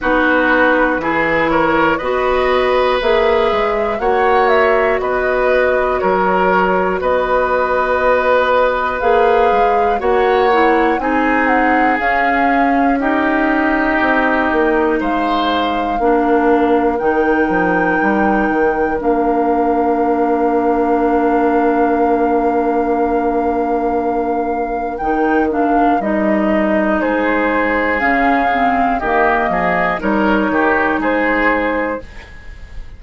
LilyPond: <<
  \new Staff \with { instrumentName = "flute" } { \time 4/4 \tempo 4 = 60 b'4. cis''8 dis''4 e''4 | fis''8 e''8 dis''4 cis''4 dis''4~ | dis''4 f''4 fis''4 gis''8 fis''8 | f''4 dis''2 f''4~ |
f''4 g''2 f''4~ | f''1~ | f''4 g''8 f''8 dis''4 c''4 | f''4 dis''4 cis''4 c''4 | }
  \new Staff \with { instrumentName = "oboe" } { \time 4/4 fis'4 gis'8 ais'8 b'2 | cis''4 b'4 ais'4 b'4~ | b'2 cis''4 gis'4~ | gis'4 g'2 c''4 |
ais'1~ | ais'1~ | ais'2. gis'4~ | gis'4 g'8 gis'8 ais'8 g'8 gis'4 | }
  \new Staff \with { instrumentName = "clarinet" } { \time 4/4 dis'4 e'4 fis'4 gis'4 | fis'1~ | fis'4 gis'4 fis'8 e'8 dis'4 | cis'4 dis'2. |
d'4 dis'2 d'4~ | d'1~ | d'4 dis'8 d'8 dis'2 | cis'8 c'8 ais4 dis'2 | }
  \new Staff \with { instrumentName = "bassoon" } { \time 4/4 b4 e4 b4 ais8 gis8 | ais4 b4 fis4 b4~ | b4 ais8 gis8 ais4 c'4 | cis'2 c'8 ais8 gis4 |
ais4 dis8 f8 g8 dis8 ais4~ | ais1~ | ais4 dis4 g4 gis4 | cis4 dis8 f8 g8 dis8 gis4 | }
>>